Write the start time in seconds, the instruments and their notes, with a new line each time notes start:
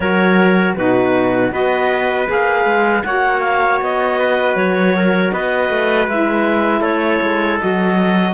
0.00 cello F#3, saxophone F#4, trumpet A#4, clarinet C#5
0.76 cello B2, saxophone D#4, trumpet F#4, clarinet B4
1.51 cello B3, saxophone F#4, trumpet B4, clarinet D#5
2.26 cello A#3, saxophone G#4, clarinet F5
2.65 cello G#3
3.03 cello A#3, saxophone F#4, trumpet C#5, clarinet F#5
3.41 clarinet F5
3.81 cello B3, clarinet D#5
4.19 trumpet B4
4.55 cello F#3, clarinet C#5
4.96 trumpet A#4
5.31 cello B3, trumpet B4, clarinet D#5
5.69 cello A3
6.07 cello G#3, saxophone E4, clarinet E5
6.80 cello A3, trumpet A4, clarinet C#5
7.22 cello G#3
7.59 cello F#3, saxophone F#4, clarinet D#5